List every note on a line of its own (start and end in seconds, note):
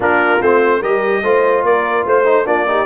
0.00 0.39 A#3
0.00 0.39 D4
0.00 0.79 F4
0.00 0.42 A#4
0.41 0.82 A3
0.41 0.83 C4
0.41 0.82 C5
0.79 1.22 G3
0.79 1.24 G4
0.79 1.21 A#4
0.79 1.64 D#5
1.22 1.63 A3
1.22 2.25 F4
1.22 1.65 C5
1.63 2.04 A#3
1.63 2.06 A#4
1.63 2.06 D5
2.05 2.46 A3
2.05 2.46 C5
2.25 2.45 D#4
2.45 2.85 A#3
2.45 2.66 D4
2.45 2.66 F4
2.45 2.85 D5
2.67 2.85 D#4
2.67 2.85 G4